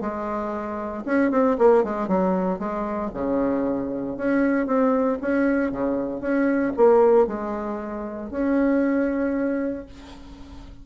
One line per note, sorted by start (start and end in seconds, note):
0.00 1.03 G#3
1.05 1.31 C#4
1.31 1.57 C4
1.58 1.83 A#3
1.83 2.08 G#3
2.08 2.58 F#3
2.58 3.10 G#3
3.13 4.17 C#3
4.17 4.66 C#4
4.66 5.18 C4
5.21 5.71 C#4
5.71 6.20 C#3
6.20 6.72 C#4
6.76 7.27 A#3
7.27 8.30 G#3
8.30 9.85 C#4